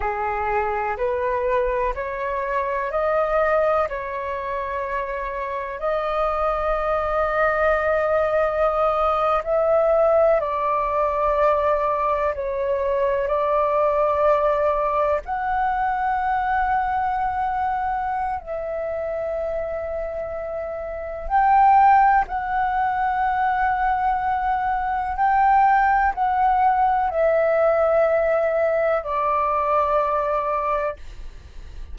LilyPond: \new Staff \with { instrumentName = "flute" } { \time 4/4 \tempo 4 = 62 gis'4 b'4 cis''4 dis''4 | cis''2 dis''2~ | dis''4.~ dis''16 e''4 d''4~ d''16~ | d''8. cis''4 d''2 fis''16~ |
fis''2. e''4~ | e''2 g''4 fis''4~ | fis''2 g''4 fis''4 | e''2 d''2 | }